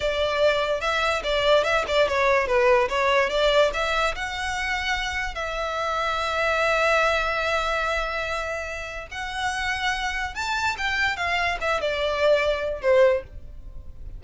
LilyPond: \new Staff \with { instrumentName = "violin" } { \time 4/4 \tempo 4 = 145 d''2 e''4 d''4 | e''8 d''8 cis''4 b'4 cis''4 | d''4 e''4 fis''2~ | fis''4 e''2.~ |
e''1~ | e''2 fis''2~ | fis''4 a''4 g''4 f''4 | e''8 d''2~ d''8 c''4 | }